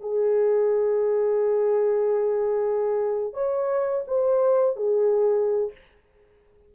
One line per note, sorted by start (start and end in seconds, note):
0.00 3.33 G#4
3.33 4.05 C#5
4.07 4.76 C5
4.76 5.71 G#4